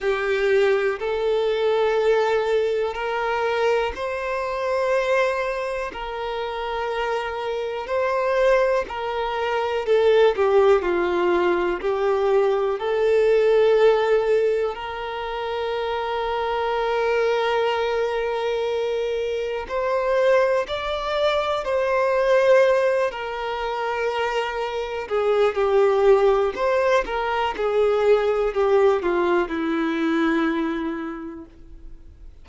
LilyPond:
\new Staff \with { instrumentName = "violin" } { \time 4/4 \tempo 4 = 61 g'4 a'2 ais'4 | c''2 ais'2 | c''4 ais'4 a'8 g'8 f'4 | g'4 a'2 ais'4~ |
ais'1 | c''4 d''4 c''4. ais'8~ | ais'4. gis'8 g'4 c''8 ais'8 | gis'4 g'8 f'8 e'2 | }